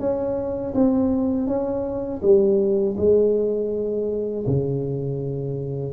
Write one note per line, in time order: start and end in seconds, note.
0.00 0.74 C#4
0.75 1.47 C4
1.47 2.21 C#4
2.22 2.96 G3
2.98 4.46 G#3
4.47 5.93 C#3